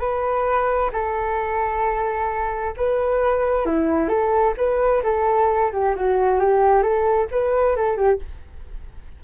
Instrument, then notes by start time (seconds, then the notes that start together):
flute
0.00 B4
0.93 A4
2.77 B4
3.66 E4
4.09 A4
4.58 B4
5.04 A4
5.73 G4
5.97 F#4
6.40 G4
6.83 A4
7.32 B4
7.76 A4
7.97 G4